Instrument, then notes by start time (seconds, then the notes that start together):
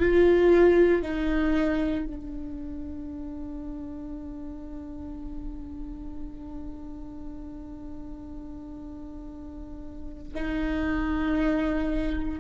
viola
0.00 F4
1.03 D#4
2.06 D4
10.34 D#4